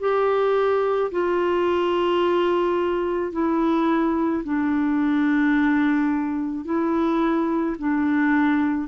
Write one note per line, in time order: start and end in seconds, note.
0.00 1.11 G4
1.11 3.32 F4
3.32 4.43 E4
4.44 6.65 D4
6.65 7.76 E4
7.79 8.88 D4